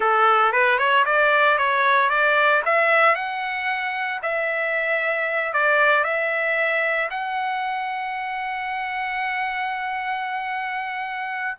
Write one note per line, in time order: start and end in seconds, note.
0.00 0.52 A4
0.52 0.78 B4
0.78 1.04 C#5
1.05 1.57 D5
1.57 2.09 C#5
2.09 2.62 D5
2.65 3.15 E5
3.15 4.20 F#5
4.22 5.53 E5
5.53 6.04 D5
6.04 7.09 E5
7.10 11.57 F#5